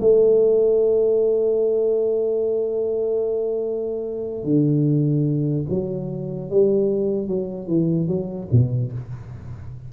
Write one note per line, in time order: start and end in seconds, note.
0.00 4.44 A3
4.44 5.65 D3
5.69 6.50 F#3
6.50 7.27 G3
7.27 7.67 F#3
7.67 8.07 E3
8.07 8.47 F#3
8.51 8.92 B2